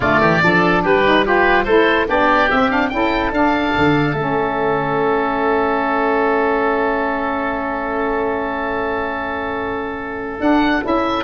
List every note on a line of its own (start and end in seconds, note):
0.00 0.19 D3
0.00 0.41 A3
0.00 0.20 F4
0.00 0.81 D5
0.20 0.41 E3
0.20 0.41 G4
0.41 0.84 F3
0.41 1.04 D4
0.41 0.83 A4
0.83 1.65 G3
0.83 1.25 G4
0.83 1.26 B4
1.05 1.24 D#4
1.24 1.66 F4
1.24 1.63 G4
1.24 1.65 B4
1.63 2.07 A3
1.63 2.06 E4
1.63 2.06 A4
1.63 2.05 C5
2.06 2.49 B3
2.06 2.48 D4
2.06 2.91 G4
2.06 2.50 D5
2.50 2.91 C4
2.50 2.70 C4
2.50 2.70 E5
2.70 2.90 D4
2.70 2.89 F5
2.89 3.32 C#4
2.89 3.33 E4
2.89 3.31 G5
2.95 11.24 A4
3.32 3.73 D4
3.32 4.16 D4
3.32 4.15 F5
3.77 4.13 D3
4.13 10.38 A3
4.13 10.39 C#4
4.13 10.40 E5
10.39 10.81 D4
10.39 10.83 F#5
10.82 11.24 C#4
10.82 11.23 E4
10.82 11.24 E5